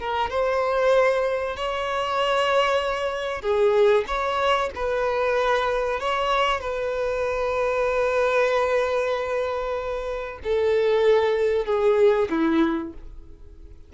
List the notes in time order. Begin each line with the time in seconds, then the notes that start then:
0.00 A#4
0.30 C5
1.57 C#5
3.42 G#4
4.07 C#5
4.76 B4
6.00 C#5
6.61 B4
10.44 A4
11.66 G#4
12.31 E4